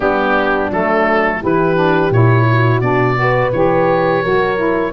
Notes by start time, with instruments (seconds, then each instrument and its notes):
0.00 tuba G3, saxophone B3, horn D4, oboe G4
0.70 tuba F#3, saxophone A3, oboe A4
1.41 tuba E3, saxophone E4, horn G4, oboe B4
1.75 saxophone D4
2.10 tuba A#2, saxophone E4, oboe C#5
2.50 horn F#4
2.80 tuba B2, saxophone D4, oboe D5
3.15 saxophone F#4, horn B4
3.52 tuba E3, saxophone G4, oboe C#5
4.23 tuba F#3, saxophone F#4, horn A#4
4.56 saxophone E4